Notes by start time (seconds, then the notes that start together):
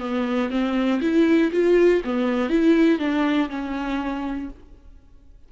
0.00 B3
0.51 C4
1.01 E4
1.52 F4
2.05 B3
2.50 E4
3.00 D4
3.50 C#4